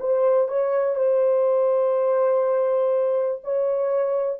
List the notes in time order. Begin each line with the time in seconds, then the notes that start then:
0.00 C5
0.48 C#5
0.96 C5
3.44 C#5